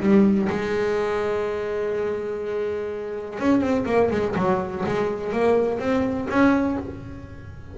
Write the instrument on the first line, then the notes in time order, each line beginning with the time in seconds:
double bass
0.00 G3
0.49 G#3
3.39 C#4
3.61 C4
3.86 A#3
4.11 G#3
4.36 F#3
4.86 G#3
5.32 A#3
5.79 C4
6.29 C#4